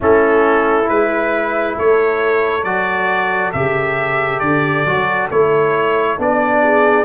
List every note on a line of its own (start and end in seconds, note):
0.00 0.89 A3
0.00 0.84 C#4
0.00 1.76 E4
0.00 0.88 A4
0.84 1.77 G#3
0.84 2.61 E4
0.84 1.76 B4
1.76 2.64 A3
1.76 6.61 A4
1.76 2.63 C#5
2.63 3.52 F#3
2.63 3.53 F#4
2.63 3.51 D5
3.52 4.41 C#3
3.52 4.86 G4
3.52 4.39 E5
4.39 4.85 D3
4.39 5.28 D5
4.85 5.29 F#3
4.85 5.30 F#4
5.30 6.18 A3
5.30 6.18 E4
5.30 6.19 C#5
6.18 7.04 B3
6.18 7.04 D4
6.18 7.04 D5
6.62 7.04 G#4